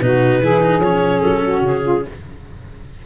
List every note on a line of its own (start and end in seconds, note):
0.00 0.41 B2
0.00 0.43 D#4
0.00 0.41 F#4
0.00 0.81 B4
0.41 0.80 E3
0.41 0.62 E4
0.41 1.42 G#4
0.62 0.82 D#4
0.80 1.20 F3
0.80 2.06 C#4
0.80 1.21 C#5
1.21 1.62 F#3
1.21 1.62 A4
1.42 1.83 F#4
1.62 2.02 C#3
1.62 2.06 G#4
1.83 2.03 F4